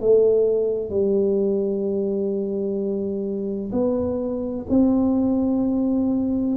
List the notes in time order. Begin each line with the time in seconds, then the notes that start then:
0.00 A3
0.89 G3
3.72 B3
4.69 C4